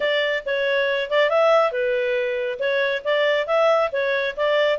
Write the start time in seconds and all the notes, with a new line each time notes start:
0.00 D5
0.45 C#5
1.10 D5
1.29 E5
1.71 B4
2.59 C#5
3.04 D5
3.46 E5
3.92 C#5
4.36 D5